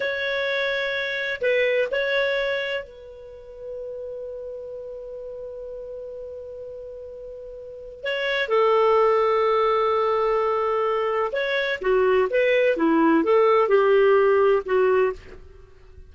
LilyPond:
\new Staff \with { instrumentName = "clarinet" } { \time 4/4 \tempo 4 = 127 cis''2. b'4 | cis''2 b'2~ | b'1~ | b'1~ |
b'4 cis''4 a'2~ | a'1 | cis''4 fis'4 b'4 e'4 | a'4 g'2 fis'4 | }